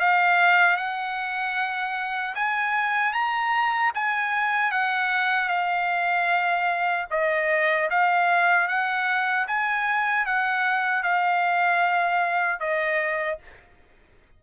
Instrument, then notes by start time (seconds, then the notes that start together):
trumpet
0.00 F5
0.77 F#5
2.35 G#5
3.13 A#5
3.95 G#5
4.72 F#5
5.49 F5
7.11 D#5
7.91 F5
8.68 F#5
9.48 G#5
10.26 F#5
11.03 F5
12.60 D#5